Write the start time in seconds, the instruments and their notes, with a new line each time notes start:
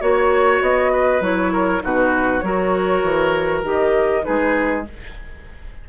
0.00 bassoon A#3, clarinet F#4, flute C#5, oboe C#5
0.60 bassoon B3, flute D#5
0.91 oboe B4
1.20 bassoon F#3, clarinet E4, flute C#5
1.52 oboe A#4
1.80 bassoon B2, clarinet D#4, oboe F#4, flute B4
2.39 bassoon F#3, clarinet F#4, oboe A#4, flute C#5
3.03 bassoon E3
3.63 bassoon D#3, clarinet G4, flute D#5
4.22 bassoon G#3, clarinet D#4, oboe G#4, flute B4